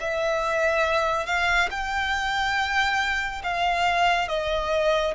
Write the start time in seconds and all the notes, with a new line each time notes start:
0.00 E5
1.26 F5
1.70 G5
3.43 F5
4.28 D#5